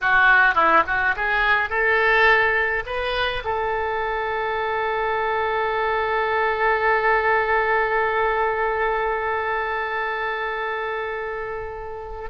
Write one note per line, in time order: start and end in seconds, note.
0.01 0.54 F#4
0.54 0.83 E4
0.86 1.15 F#4
1.16 1.69 G#4
1.69 2.83 A4
2.85 3.43 B4
3.44 12.29 A4